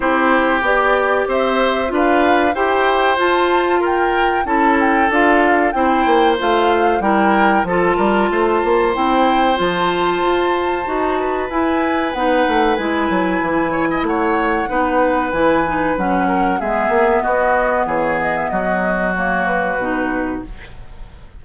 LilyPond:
<<
  \new Staff \with { instrumentName = "flute" } { \time 4/4 \tempo 4 = 94 c''4 d''4 e''4 f''4 | g''4 a''4 g''4 a''8 g''8 | f''4 g''4 f''4 g''4 | a''2 g''4 a''4~ |
a''2 gis''4 fis''4 | gis''2 fis''2 | gis''4 fis''4 e''4 dis''4 | cis''8 dis''16 e''16 dis''4 cis''8 b'4. | }
  \new Staff \with { instrumentName = "oboe" } { \time 4/4 g'2 c''4 b'4 | c''2 ais'4 a'4~ | a'4 c''2 ais'4 | a'8 ais'8 c''2.~ |
c''4. b'2~ b'8~ | b'4. cis''16 dis''16 cis''4 b'4~ | b'4. ais'8 gis'4 fis'4 | gis'4 fis'2. | }
  \new Staff \with { instrumentName = "clarinet" } { \time 4/4 e'4 g'2 f'4 | g'4 f'2 e'4 | f'4 e'4 f'4 e'4 | f'2 e'4 f'4~ |
f'4 fis'4 e'4 dis'4 | e'2. dis'4 | e'8 dis'8 cis'4 b2~ | b2 ais4 dis'4 | }
  \new Staff \with { instrumentName = "bassoon" } { \time 4/4 c'4 b4 c'4 d'4 | e'4 f'2 cis'4 | d'4 c'8 ais8 a4 g4 | f8 g8 a8 ais8 c'4 f4 |
f'4 dis'4 e'4 b8 a8 | gis8 fis8 e4 a4 b4 | e4 fis4 gis8 ais8 b4 | e4 fis2 b,4 | }
>>